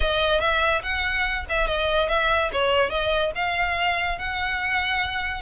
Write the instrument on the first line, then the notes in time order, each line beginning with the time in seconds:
violin
0.00 D#5
0.40 E5
0.82 F#5
1.49 E5
1.67 D#5
2.09 E5
2.52 C#5
2.89 D#5
3.35 F5
4.18 F#5